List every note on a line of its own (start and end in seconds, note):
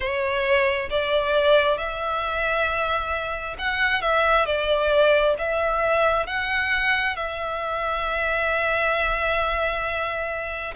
0.00 0.89 C#5
0.90 1.77 D5
1.77 3.56 E5
3.58 4.01 F#5
4.01 4.45 E5
4.45 5.35 D5
5.38 6.26 E5
6.26 7.16 F#5
7.16 10.74 E5